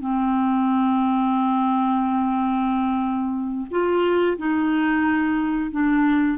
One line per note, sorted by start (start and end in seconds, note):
0.00 3.67 C4
3.71 4.37 F4
4.38 5.71 D#4
5.71 6.38 D4